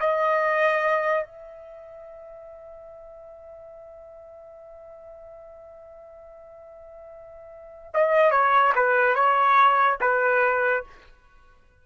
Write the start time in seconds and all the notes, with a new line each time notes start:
0.00 D#5
1.24 E5
7.93 D#5
8.31 C#5
8.75 B4
9.15 C#5
10.00 B4